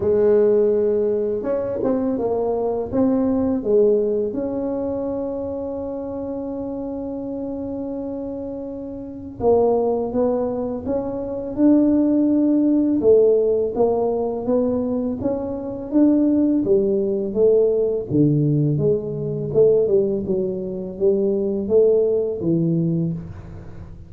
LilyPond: \new Staff \with { instrumentName = "tuba" } { \time 4/4 \tempo 4 = 83 gis2 cis'8 c'8 ais4 | c'4 gis4 cis'2~ | cis'1~ | cis'4 ais4 b4 cis'4 |
d'2 a4 ais4 | b4 cis'4 d'4 g4 | a4 d4 gis4 a8 g8 | fis4 g4 a4 e4 | }